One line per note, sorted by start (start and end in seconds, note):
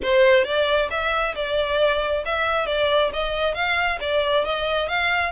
0.02 0.44 C5
0.44 0.89 D5
0.90 1.34 E5
1.35 2.23 D5
2.25 2.66 E5
2.66 3.10 D5
3.13 3.54 D#5
3.54 3.98 F5
4.00 4.44 D5
4.44 4.88 D#5
4.88 5.32 F5